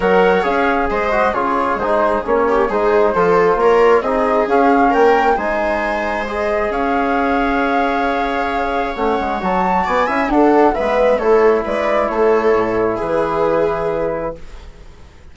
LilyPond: <<
  \new Staff \with { instrumentName = "flute" } { \time 4/4 \tempo 4 = 134 fis''4 f''4 dis''4 cis''4 | c''4 cis''4 c''2 | cis''4 dis''4 f''4 g''4 | gis''2 dis''4 f''4~ |
f''1 | fis''4 a''4 gis''4 fis''4 | e''4 cis''4 d''4 cis''4~ | cis''4 b'2. | }
  \new Staff \with { instrumentName = "viola" } { \time 4/4 cis''2 c''4 gis'4~ | gis'4. g'8 gis'4 a'4 | ais'4 gis'2 ais'4 | c''2. cis''4~ |
cis''1~ | cis''2 d''8 e''8 a'4 | b'4 a'4 b'4 a'4~ | a'4 gis'2. | }
  \new Staff \with { instrumentName = "trombone" } { \time 4/4 ais'4 gis'4. fis'8 f'4 | dis'4 cis'4 dis'4 f'4~ | f'4 dis'4 cis'2 | dis'2 gis'2~ |
gis'1 | cis'4 fis'4. e'8 d'4 | b4 e'2.~ | e'1 | }
  \new Staff \with { instrumentName = "bassoon" } { \time 4/4 fis4 cis'4 gis4 cis4 | gis4 ais4 gis4 f4 | ais4 c'4 cis'4 ais4 | gis2. cis'4~ |
cis'1 | a8 gis8 fis4 b8 cis'8 d'4 | gis4 a4 gis4 a4 | a,4 e2. | }
>>